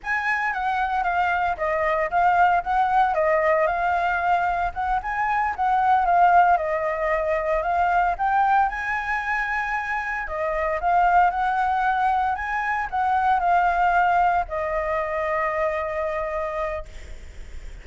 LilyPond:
\new Staff \with { instrumentName = "flute" } { \time 4/4 \tempo 4 = 114 gis''4 fis''4 f''4 dis''4 | f''4 fis''4 dis''4 f''4~ | f''4 fis''8 gis''4 fis''4 f''8~ | f''8 dis''2 f''4 g''8~ |
g''8 gis''2. dis''8~ | dis''8 f''4 fis''2 gis''8~ | gis''8 fis''4 f''2 dis''8~ | dis''1 | }